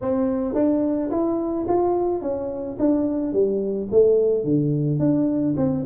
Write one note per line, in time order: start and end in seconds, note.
0.01 0.54 C4
0.54 1.10 D4
1.10 1.66 E4
1.67 2.21 F4
2.21 2.77 C#4
2.79 3.33 D4
3.33 3.88 G3
3.91 4.44 A3
4.44 4.99 D3
4.99 5.54 D4
5.56 5.84 C4